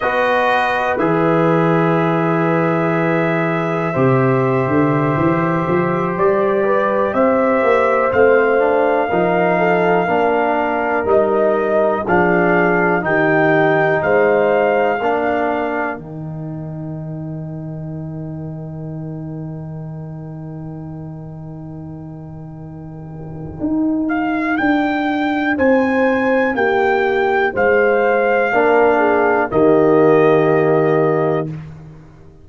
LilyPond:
<<
  \new Staff \with { instrumentName = "trumpet" } { \time 4/4 \tempo 4 = 61 dis''4 e''2.~ | e''2~ e''16 d''4 e''8.~ | e''16 f''2. dis''8.~ | dis''16 f''4 g''4 f''4.~ f''16~ |
f''16 g''2.~ g''8.~ | g''1~ | g''8 f''8 g''4 gis''4 g''4 | f''2 dis''2 | }
  \new Staff \with { instrumentName = "horn" } { \time 4/4 b'1 | c''2~ c''8. b'8 c''8.~ | c''4~ c''16 ais'8 a'8 ais'4.~ ais'16~ | ais'16 gis'4 g'4 c''4 ais'8.~ |
ais'1~ | ais'1~ | ais'2 c''4 g'4 | c''4 ais'8 gis'8 g'2 | }
  \new Staff \with { instrumentName = "trombone" } { \time 4/4 fis'4 gis'2. | g'1~ | g'16 c'8 d'8 dis'4 d'4 dis'8.~ | dis'16 d'4 dis'2 d'8.~ |
d'16 dis'2.~ dis'8.~ | dis'1~ | dis'1~ | dis'4 d'4 ais2 | }
  \new Staff \with { instrumentName = "tuba" } { \time 4/4 b4 e2. | c8. d8 e8 f8 g4 c'8 ais16~ | ais16 a4 f4 ais4 g8.~ | g16 f4 dis4 gis4 ais8.~ |
ais16 dis2.~ dis8.~ | dis1 | dis'4 d'4 c'4 ais4 | gis4 ais4 dis2 | }
>>